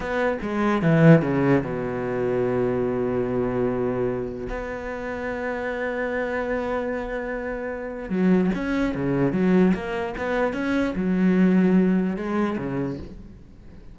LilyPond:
\new Staff \with { instrumentName = "cello" } { \time 4/4 \tempo 4 = 148 b4 gis4 e4 cis4 | b,1~ | b,2. b4~ | b1~ |
b1 | fis4 cis'4 cis4 fis4 | ais4 b4 cis'4 fis4~ | fis2 gis4 cis4 | }